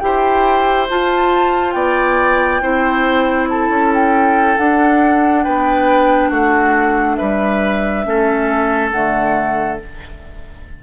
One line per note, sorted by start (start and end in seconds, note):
0.00 0.89 E4
0.00 0.89 G4
0.00 1.75 C5
0.00 0.87 G5
0.89 2.62 F4
0.89 1.75 F4
0.89 1.72 A5
1.72 2.62 B3
1.72 2.62 D5
1.72 3.46 G5
2.62 3.69 C4
2.62 4.58 E4
2.62 3.49 C5
3.50 5.45 A4
3.50 3.93 A5
3.69 4.56 C#4
3.94 4.58 G5
4.58 5.46 D4
4.58 8.05 D4
4.58 5.44 F#5
5.44 6.31 B3
5.44 6.30 B4
5.44 6.31 G5
6.30 7.18 A3
6.30 7.17 F#4
6.30 7.17 F#5
7.17 8.06 G3
7.17 8.05 B4
7.17 8.91 E5
8.05 8.93 A3
8.05 8.92 C#4
8.05 9.83 A4
8.92 9.80 D3
8.92 9.80 A3
8.92 9.79 F#5